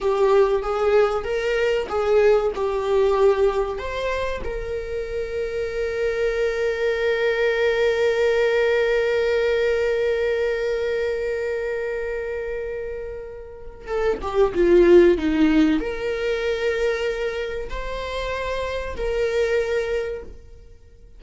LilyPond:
\new Staff \with { instrumentName = "viola" } { \time 4/4 \tempo 4 = 95 g'4 gis'4 ais'4 gis'4 | g'2 c''4 ais'4~ | ais'1~ | ais'1~ |
ais'1~ | ais'2 a'8 g'8 f'4 | dis'4 ais'2. | c''2 ais'2 | }